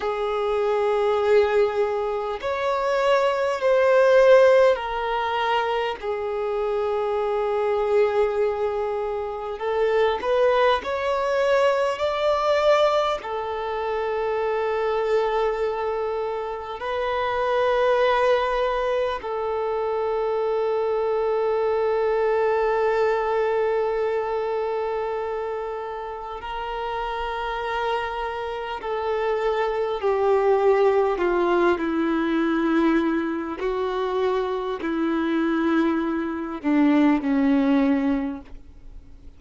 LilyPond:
\new Staff \with { instrumentName = "violin" } { \time 4/4 \tempo 4 = 50 gis'2 cis''4 c''4 | ais'4 gis'2. | a'8 b'8 cis''4 d''4 a'4~ | a'2 b'2 |
a'1~ | a'2 ais'2 | a'4 g'4 f'8 e'4. | fis'4 e'4. d'8 cis'4 | }